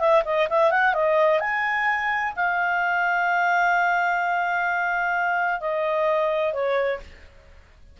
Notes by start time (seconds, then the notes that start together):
0.00 E5
0.25 D#5
0.50 E5
0.71 F#5
0.94 D#5
1.40 G#5
2.36 F5
5.60 D#5
6.53 C#5